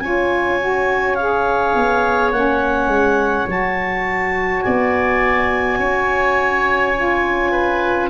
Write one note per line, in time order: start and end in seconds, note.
0.00 1.74 C#4
0.00 0.60 F4
0.00 4.65 C#5
0.00 1.15 G#5
0.60 1.17 F#4
1.15 2.34 G#4
1.15 2.31 F5
1.75 2.32 B3
2.32 2.87 A#3
2.32 3.48 C#4
2.32 3.47 F#5
2.87 3.45 G#3
3.48 4.63 F#3
3.48 6.94 F#4
3.48 4.62 A5
4.62 5.79 B3
4.62 5.79 D5
4.62 8.09 G#5
5.79 8.10 C#4
5.79 7.52 C#5
6.96 8.10 F4
7.52 8.10 B4